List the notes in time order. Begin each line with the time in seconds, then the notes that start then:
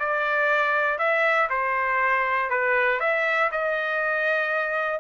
0.00 D5
0.99 E5
1.50 C5
2.50 B4
3.00 E5
3.52 D#5